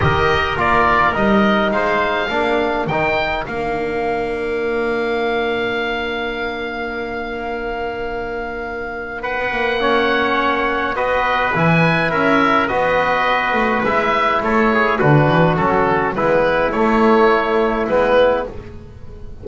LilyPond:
<<
  \new Staff \with { instrumentName = "oboe" } { \time 4/4 \tempo 4 = 104 dis''4 d''4 dis''4 f''4~ | f''4 g''4 f''2~ | f''1~ | f''1 |
fis''2. dis''4 | gis''4 e''4 dis''2 | e''4 cis''4 b'4 a'4 | b'4 cis''2 b'4 | }
  \new Staff \with { instrumentName = "trumpet" } { \time 4/4 ais'2. c''4 | ais'1~ | ais'1~ | ais'1 |
b'4 cis''2 b'4~ | b'4 ais'4 b'2~ | b'4 a'8 gis'8 fis'2 | e'1 | }
  \new Staff \with { instrumentName = "trombone" } { \time 4/4 g'4 f'4 dis'2 | d'4 dis'4 d'2~ | d'1~ | d'1~ |
d'4 cis'2 fis'4 | e'2 fis'2 | e'2 d'4 cis'4 | b4 a2 b4 | }
  \new Staff \with { instrumentName = "double bass" } { \time 4/4 dis4 ais4 g4 gis4 | ais4 dis4 ais2~ | ais1~ | ais1~ |
ais16 b16 ais2~ ais8 b4 | e4 cis'4 b4. a8 | gis4 a4 d8 e8 fis4 | gis4 a2 gis4 | }
>>